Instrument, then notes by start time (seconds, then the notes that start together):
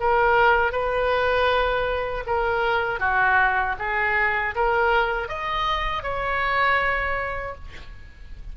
oboe
0.00 A#4
0.72 B4
2.26 A#4
3.00 F#4
3.79 G#4
4.55 A#4
5.28 D#5
6.03 C#5